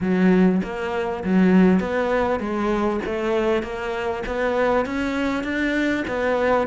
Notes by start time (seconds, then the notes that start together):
0.01 F#3
0.63 A#3
1.23 F#3
1.80 B3
2.39 G#3
3.05 A3
3.62 A#3
4.26 B3
4.85 C#4
5.43 D4
6.07 B3